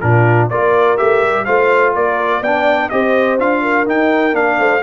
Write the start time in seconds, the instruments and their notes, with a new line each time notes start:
0.00 tuba A#2, trombone D4, horn F4, trumpet A#4
0.50 tuba A#3, trombone F4, horn A#4, trumpet D5
0.97 tuba A3, trombone G4, trumpet E5
1.22 tuba G3
1.45 tuba A3, trombone F4, horn C5, trumpet F5
1.95 tuba A#3, horn A#4, trumpet D5
2.40 tuba B3, trombone D4, horn D5, trumpet G5
2.89 tuba C4, trombone G4, horn C5, trumpet D#5
3.39 tuba D4, trombone F4, trumpet F5
3.62 horn A#4
3.86 trombone D#4, tuba D#4, trumpet G5
4.32 tuba A#3, trombone D4, trumpet F5
4.58 tuba A3, horn C5